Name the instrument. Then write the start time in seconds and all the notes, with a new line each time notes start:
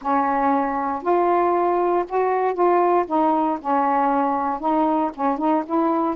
saxophone
0.01 C#4
1.02 F4
2.08 F#4
2.54 F4
3.07 D#4
3.60 C#4
4.59 D#4
5.14 C#4
5.38 D#4
5.66 E4